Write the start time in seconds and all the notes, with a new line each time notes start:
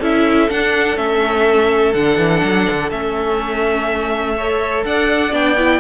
0.00 C#4 E4 A4 E5
0.49 D4 F#5
0.97 A3 C#4 E5
1.94 D3 D4 F#5
2.18 E3
2.44 F#3
2.70 D3
2.91 A3 C#4 E5
4.37 A4 C#5
4.85 D4 D5 F#5
5.31 B3 D4 G5
5.58 E4